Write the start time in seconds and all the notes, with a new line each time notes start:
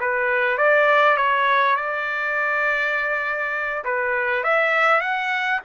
0.00 B4
0.58 D5
1.17 C#5
1.76 D5
3.84 B4
4.44 E5
5.01 F#5